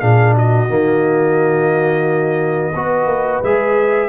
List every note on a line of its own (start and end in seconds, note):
0.00 0.69 A#2
0.00 0.69 D4
0.00 0.35 G#4
0.00 0.34 F5
0.35 2.74 F#4
0.35 3.44 D#5
0.69 2.74 D#3
0.69 2.74 A#3
2.75 3.06 B3
2.75 3.44 F#4
2.75 4.09 B4
3.06 3.40 A#3
3.43 4.09 G#3
3.43 4.09 G#4
3.43 4.09 E5